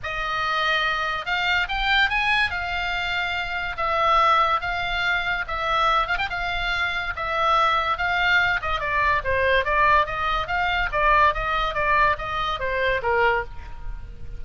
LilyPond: \new Staff \with { instrumentName = "oboe" } { \time 4/4 \tempo 4 = 143 dis''2. f''4 | g''4 gis''4 f''2~ | f''4 e''2 f''4~ | f''4 e''4. f''16 g''16 f''4~ |
f''4 e''2 f''4~ | f''8 dis''8 d''4 c''4 d''4 | dis''4 f''4 d''4 dis''4 | d''4 dis''4 c''4 ais'4 | }